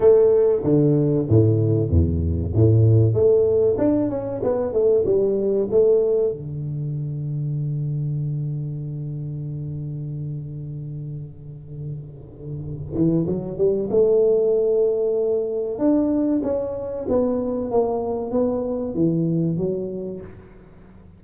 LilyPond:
\new Staff \with { instrumentName = "tuba" } { \time 4/4 \tempo 4 = 95 a4 d4 a,4 e,4 | a,4 a4 d'8 cis'8 b8 a8 | g4 a4 d2~ | d1~ |
d1~ | d8 e8 fis8 g8 a2~ | a4 d'4 cis'4 b4 | ais4 b4 e4 fis4 | }